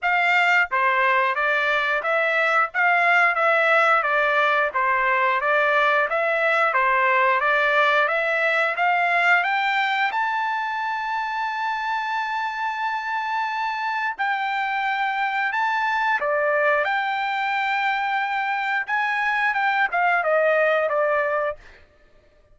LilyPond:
\new Staff \with { instrumentName = "trumpet" } { \time 4/4 \tempo 4 = 89 f''4 c''4 d''4 e''4 | f''4 e''4 d''4 c''4 | d''4 e''4 c''4 d''4 | e''4 f''4 g''4 a''4~ |
a''1~ | a''4 g''2 a''4 | d''4 g''2. | gis''4 g''8 f''8 dis''4 d''4 | }